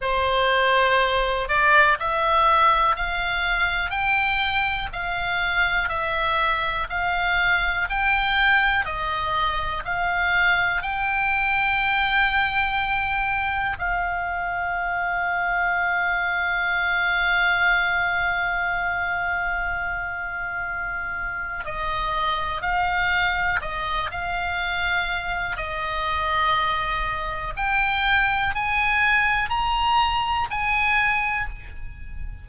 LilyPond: \new Staff \with { instrumentName = "oboe" } { \time 4/4 \tempo 4 = 61 c''4. d''8 e''4 f''4 | g''4 f''4 e''4 f''4 | g''4 dis''4 f''4 g''4~ | g''2 f''2~ |
f''1~ | f''2 dis''4 f''4 | dis''8 f''4. dis''2 | g''4 gis''4 ais''4 gis''4 | }